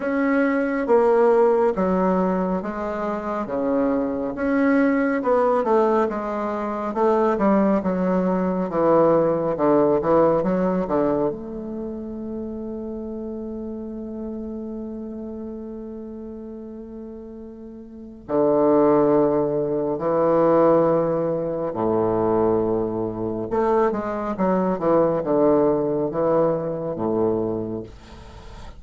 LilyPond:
\new Staff \with { instrumentName = "bassoon" } { \time 4/4 \tempo 4 = 69 cis'4 ais4 fis4 gis4 | cis4 cis'4 b8 a8 gis4 | a8 g8 fis4 e4 d8 e8 | fis8 d8 a2.~ |
a1~ | a4 d2 e4~ | e4 a,2 a8 gis8 | fis8 e8 d4 e4 a,4 | }